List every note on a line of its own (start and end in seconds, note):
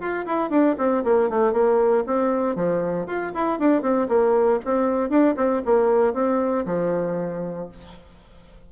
0.00 0.26 F4
0.26 0.50 E4
0.50 0.76 D4
0.78 1.04 C4
1.04 1.30 A#3
1.30 1.53 A3
1.53 2.04 A#3
2.07 2.55 C4
2.55 3.07 F3
3.07 3.32 F4
3.34 3.59 E4
3.59 3.82 D4
3.82 4.08 C4
4.08 4.60 A#3
4.65 5.10 C4
5.10 5.35 D4
5.37 5.62 C4
5.65 6.14 A#3
6.14 6.65 C4
6.66 7.68 F3